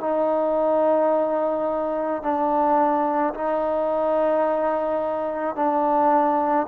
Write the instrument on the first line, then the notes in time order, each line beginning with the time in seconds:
trombone
0.00 D#4
2.23 D4
3.34 D#4
5.56 D4